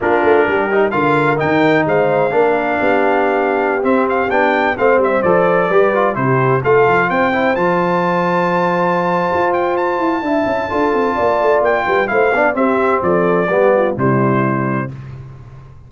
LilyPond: <<
  \new Staff \with { instrumentName = "trumpet" } { \time 4/4 \tempo 4 = 129 ais'2 f''4 g''4 | f''1~ | f''16 e''8 f''8 g''4 f''8 e''8 d''8.~ | d''4~ d''16 c''4 f''4 g''8.~ |
g''16 a''2.~ a''8.~ | a''8 g''8 a''2.~ | a''4 g''4 f''4 e''4 | d''2 c''2 | }
  \new Staff \with { instrumentName = "horn" } { \time 4/4 f'4 g'4 ais'2 | c''4 ais'4 g'2~ | g'2~ g'16 c''4.~ c''16~ | c''16 b'4 g'4 a'4 c''8.~ |
c''1~ | c''2 e''4 a'4 | d''4. b'8 c''8 d''8 g'4 | a'4 g'8 f'8 e'2 | }
  \new Staff \with { instrumentName = "trombone" } { \time 4/4 d'4. dis'8 f'4 dis'4~ | dis'4 d'2.~ | d'16 c'4 d'4 c'4 a'8.~ | a'16 g'8 f'8 e'4 f'4. e'16~ |
e'16 f'2.~ f'8.~ | f'2 e'4 f'4~ | f'2 e'8 d'8 c'4~ | c'4 b4 g2 | }
  \new Staff \with { instrumentName = "tuba" } { \time 4/4 ais8 a8 g4 d4 dis4 | gis4 ais4 b2~ | b16 c'4 b4 a8 g8 f8.~ | f16 g4 c4 a8 f8 c'8.~ |
c'16 f2.~ f8. | f'4. e'8 d'8 cis'8 d'8 c'8 | ais8 a8 ais8 g8 a8 b8 c'4 | f4 g4 c2 | }
>>